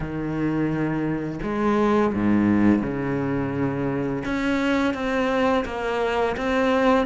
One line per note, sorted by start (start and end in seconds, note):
0.00 1.39 D#3
1.42 2.13 G#3
2.14 2.82 G#2
2.82 4.23 C#3
4.24 4.93 C#4
4.93 5.64 C4
5.65 6.36 A#3
6.36 7.06 C4